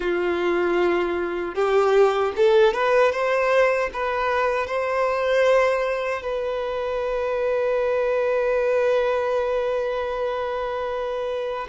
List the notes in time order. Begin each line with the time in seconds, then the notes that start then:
0.00 F4
1.54 G4
2.36 A4
2.73 B4
3.12 C5
3.93 B4
4.66 C5
6.21 B4